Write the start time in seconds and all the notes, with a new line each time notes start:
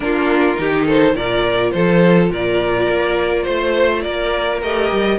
0.00 A#3 D4 F4 A#4
0.56 D#3 D#4 G4
0.85 A4 C5
1.14 A#2 F4 A#4 D5
1.71 F3 A4 C5
2.30 A#2 A#4 D5
2.88 A#3
3.43 A3 C5
4.02 A#3 A#4 D5
4.62 A3 G4 D#5
4.91 G3